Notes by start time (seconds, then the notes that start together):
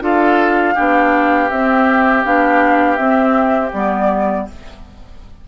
0.00 D4 F4 A4 F5
0.74 B3 D4 G4
1.50 C4 E5
2.24 B3 D4 F5
2.96 C4 E5
3.73 G3 B3 D5